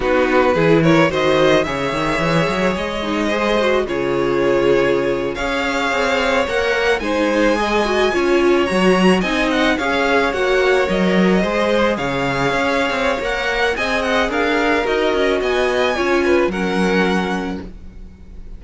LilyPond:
<<
  \new Staff \with { instrumentName = "violin" } { \time 4/4 \tempo 4 = 109 b'4. cis''8 dis''4 e''4~ | e''4 dis''2 cis''4~ | cis''4.~ cis''16 f''2 fis''16~ | fis''8. gis''2. ais''16~ |
ais''8. gis''8 fis''8 f''4 fis''4 dis''16~ | dis''4.~ dis''16 f''2~ f''16 | fis''4 gis''8 fis''8 f''4 dis''4 | gis''2 fis''2 | }
  \new Staff \with { instrumentName = "violin" } { \time 4/4 fis'4 gis'8 ais'8 c''4 cis''4~ | cis''2 c''4 gis'4~ | gis'4.~ gis'16 cis''2~ cis''16~ | cis''8. c''4 dis''4 cis''4~ cis''16~ |
cis''8. dis''4 cis''2~ cis''16~ | cis''8. c''4 cis''2~ cis''16~ | cis''4 dis''4 ais'2 | dis''4 cis''8 b'8 ais'2 | }
  \new Staff \with { instrumentName = "viola" } { \time 4/4 dis'4 e'4 fis'4 gis'4~ | gis'4. dis'8 gis'8 fis'8 f'4~ | f'4.~ f'16 gis'2 ais'16~ | ais'8. dis'4 gis'8 fis'8 f'4 fis'16~ |
fis'8. dis'4 gis'4 fis'4 ais'16~ | ais'8. gis'2.~ gis'16 | ais'4 gis'2 fis'4~ | fis'4 f'4 cis'2 | }
  \new Staff \with { instrumentName = "cello" } { \time 4/4 b4 e4 dis4 cis8 dis8 | e8 fis8 gis2 cis4~ | cis4.~ cis16 cis'4 c'4 ais16~ | ais8. gis2 cis'4 fis16~ |
fis8. c'4 cis'4 ais4 fis16~ | fis8. gis4 cis4 cis'8. c'8 | ais4 c'4 d'4 dis'8 cis'8 | b4 cis'4 fis2 | }
>>